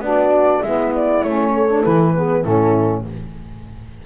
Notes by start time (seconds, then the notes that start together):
0.00 B3 D4 F#4 D5
0.62 G#3 B3 E4 E5
0.95 D5
1.23 A3 C#4 C#5
1.53 A4
1.69 D4
1.83 E3 E4 B4
2.15 B3 G#4
2.43 A2 C#4 E4 A4